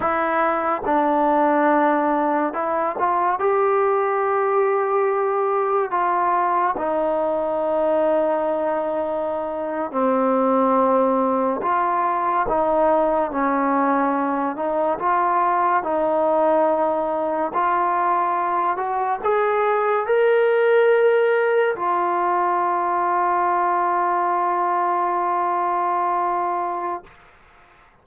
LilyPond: \new Staff \with { instrumentName = "trombone" } { \time 4/4 \tempo 4 = 71 e'4 d'2 e'8 f'8 | g'2. f'4 | dis'2.~ dis'8. c'16~ | c'4.~ c'16 f'4 dis'4 cis'16~ |
cis'4~ cis'16 dis'8 f'4 dis'4~ dis'16~ | dis'8. f'4. fis'8 gis'4 ais'16~ | ais'4.~ ais'16 f'2~ f'16~ | f'1 | }